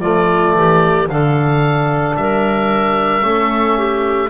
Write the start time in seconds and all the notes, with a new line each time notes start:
0.00 F3 A3 F4 D5
0.55 E3 G4
1.08 D3 D4 A4 F5
2.17 G3 A#4 E5
3.22 A3 C#4 A4
3.78 G4